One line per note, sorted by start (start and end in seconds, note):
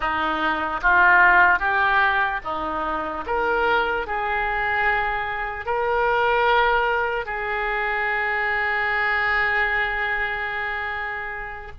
0.00 0.81 D#4
0.81 1.59 F4
1.59 2.40 G4
2.43 3.24 D#4
3.26 4.06 A#4
4.06 5.65 G#4
5.65 7.25 A#4
7.25 11.71 G#4